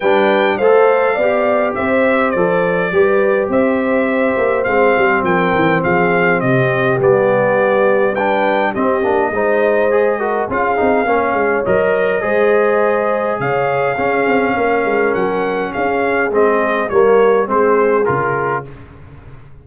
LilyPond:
<<
  \new Staff \with { instrumentName = "trumpet" } { \time 4/4 \tempo 4 = 103 g''4 f''2 e''4 | d''2 e''2 | f''4 g''4 f''4 dis''4 | d''2 g''4 dis''4~ |
dis''2 f''2 | dis''2. f''4~ | f''2 fis''4 f''4 | dis''4 cis''4 c''4 ais'4 | }
  \new Staff \with { instrumentName = "horn" } { \time 4/4 b'4 c''4 d''4 c''4~ | c''4 b'4 c''2~ | c''4 ais'4 gis'4 g'4~ | g'2 b'4 g'4 |
c''4. ais'8 gis'4 cis''4~ | cis''4 c''2 cis''4 | gis'4 ais'2 gis'4~ | gis'4 ais'4 gis'2 | }
  \new Staff \with { instrumentName = "trombone" } { \time 4/4 d'4 a'4 g'2 | a'4 g'2. | c'1 | b2 d'4 c'8 d'8 |
dis'4 gis'8 fis'8 f'8 dis'8 cis'4 | ais'4 gis'2. | cis'1 | c'4 ais4 c'4 f'4 | }
  \new Staff \with { instrumentName = "tuba" } { \time 4/4 g4 a4 b4 c'4 | f4 g4 c'4. ais8 | gis8 g8 f8 e8 f4 c4 | g2. c'8 ais8 |
gis2 cis'8 c'8 ais8 gis8 | fis4 gis2 cis4 | cis'8 c'8 ais8 gis8 fis4 cis'4 | gis4 g4 gis4 cis4 | }
>>